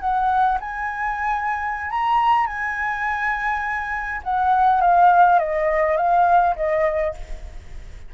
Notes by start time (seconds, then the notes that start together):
0.00 F#5
0.60 G#5
1.91 A#5
2.47 G#5
4.23 F#5
4.81 F5
5.39 D#5
5.97 F5
6.56 D#5